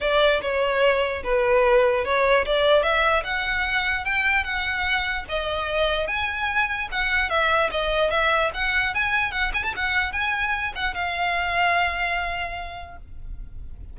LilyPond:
\new Staff \with { instrumentName = "violin" } { \time 4/4 \tempo 4 = 148 d''4 cis''2 b'4~ | b'4 cis''4 d''4 e''4 | fis''2 g''4 fis''4~ | fis''4 dis''2 gis''4~ |
gis''4 fis''4 e''4 dis''4 | e''4 fis''4 gis''4 fis''8 gis''16 a''16 | fis''4 gis''4. fis''8 f''4~ | f''1 | }